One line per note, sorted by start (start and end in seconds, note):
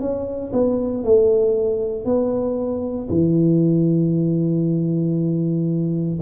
0.00 0.52 C#4
0.53 1.04 B3
1.04 2.05 A3
2.05 3.08 B3
3.09 6.20 E3